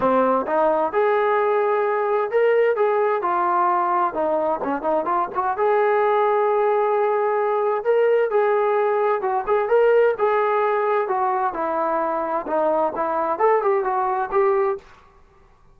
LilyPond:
\new Staff \with { instrumentName = "trombone" } { \time 4/4 \tempo 4 = 130 c'4 dis'4 gis'2~ | gis'4 ais'4 gis'4 f'4~ | f'4 dis'4 cis'8 dis'8 f'8 fis'8 | gis'1~ |
gis'4 ais'4 gis'2 | fis'8 gis'8 ais'4 gis'2 | fis'4 e'2 dis'4 | e'4 a'8 g'8 fis'4 g'4 | }